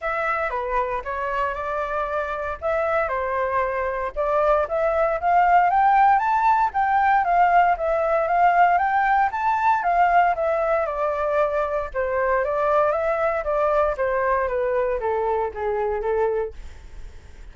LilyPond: \new Staff \with { instrumentName = "flute" } { \time 4/4 \tempo 4 = 116 e''4 b'4 cis''4 d''4~ | d''4 e''4 c''2 | d''4 e''4 f''4 g''4 | a''4 g''4 f''4 e''4 |
f''4 g''4 a''4 f''4 | e''4 d''2 c''4 | d''4 e''4 d''4 c''4 | b'4 a'4 gis'4 a'4 | }